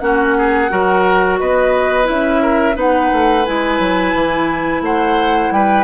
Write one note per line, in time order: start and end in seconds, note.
0.00 0.70 A#3
0.00 0.70 C#4
0.00 0.37 F#4
0.00 1.38 F#5
0.38 0.71 G#4
0.70 1.41 F#3
0.70 2.04 F#4
0.70 1.40 A#4
1.39 2.09 B3
1.39 2.42 B4
1.39 2.08 D#5
2.04 2.76 C#4
2.04 2.73 E4
2.04 2.78 E5
2.42 2.76 A#4
2.75 3.10 B3
2.75 3.44 D#4
2.75 4.83 B4
2.75 3.45 F#5
3.12 3.47 A3
3.45 3.80 G#3
3.45 5.84 E4
3.45 4.83 G#5
3.80 4.14 F#3
4.14 4.81 E3
4.81 5.50 A3
4.81 5.54 C5
4.81 5.53 F#5
5.51 5.84 G3
5.51 5.84 B4
5.51 5.84 G5